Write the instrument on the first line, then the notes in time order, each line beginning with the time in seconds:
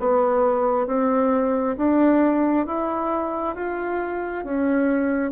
bassoon
0.00 B3
0.87 C4
1.77 D4
2.67 E4
3.56 F4
4.45 C#4